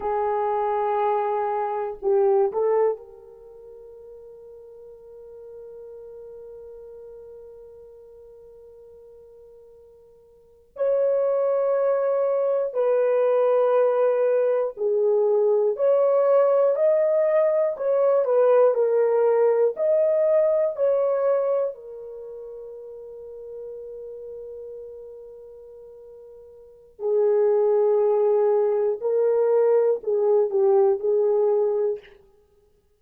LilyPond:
\new Staff \with { instrumentName = "horn" } { \time 4/4 \tempo 4 = 60 gis'2 g'8 a'8 ais'4~ | ais'1~ | ais'2~ ais'8. cis''4~ cis''16~ | cis''8. b'2 gis'4 cis''16~ |
cis''8. dis''4 cis''8 b'8 ais'4 dis''16~ | dis''8. cis''4 ais'2~ ais'16~ | ais'2. gis'4~ | gis'4 ais'4 gis'8 g'8 gis'4 | }